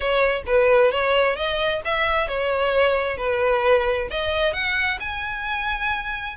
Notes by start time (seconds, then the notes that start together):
0.00 C#5
0.46 B4
0.91 C#5
1.35 D#5
1.84 E5
2.28 C#5
3.17 B4
4.10 D#5
4.53 F#5
5.00 G#5